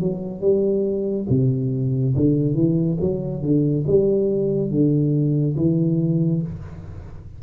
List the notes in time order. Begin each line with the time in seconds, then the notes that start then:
0.00 F#3
0.41 G3
1.30 C3
2.16 D3
2.55 E3
3.00 F#3
3.42 D3
3.87 G3
4.71 D3
5.57 E3